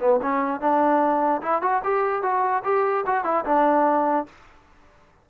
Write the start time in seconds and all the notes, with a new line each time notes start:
0.00 B3
0.22 C#4
0.61 D4
1.42 E4
1.62 F#4
1.84 G4
2.23 F#4
2.64 G4
3.06 F#4
3.25 E4
3.45 D4